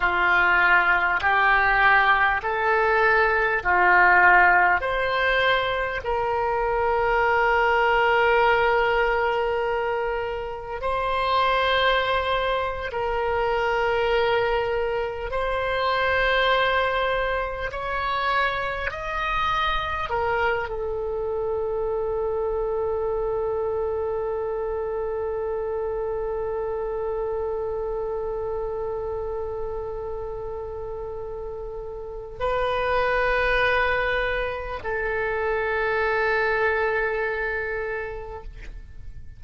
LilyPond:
\new Staff \with { instrumentName = "oboe" } { \time 4/4 \tempo 4 = 50 f'4 g'4 a'4 f'4 | c''4 ais'2.~ | ais'4 c''4.~ c''16 ais'4~ ais'16~ | ais'8. c''2 cis''4 dis''16~ |
dis''8. ais'8 a'2~ a'8.~ | a'1~ | a'2. b'4~ | b'4 a'2. | }